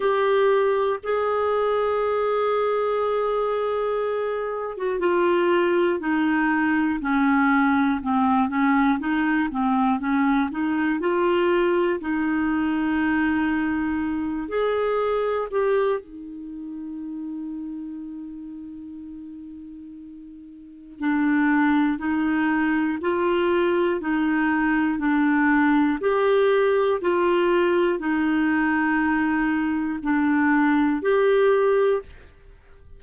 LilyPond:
\new Staff \with { instrumentName = "clarinet" } { \time 4/4 \tempo 4 = 60 g'4 gis'2.~ | gis'8. fis'16 f'4 dis'4 cis'4 | c'8 cis'8 dis'8 c'8 cis'8 dis'8 f'4 | dis'2~ dis'8 gis'4 g'8 |
dis'1~ | dis'4 d'4 dis'4 f'4 | dis'4 d'4 g'4 f'4 | dis'2 d'4 g'4 | }